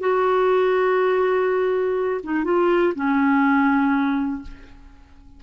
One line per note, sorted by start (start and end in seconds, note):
0.00 2.21 F#4
2.24 2.45 D#4
2.45 2.94 F4
2.95 4.43 C#4